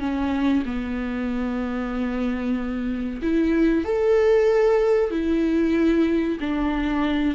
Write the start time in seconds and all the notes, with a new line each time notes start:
0.00 C#4
0.66 B3
3.22 E4
3.85 A4
5.11 E4
6.41 D4